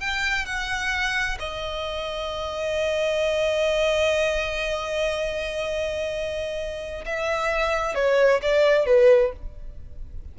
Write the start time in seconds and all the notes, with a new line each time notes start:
0.00 G5
0.46 F#5
1.40 D#5
7.06 E5
7.95 C#5
8.42 D5
8.86 B4